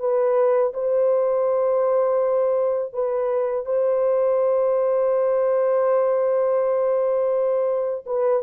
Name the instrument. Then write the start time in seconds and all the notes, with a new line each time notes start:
horn
0.00 B4
0.74 C5
2.94 B4
3.66 C5
8.07 B4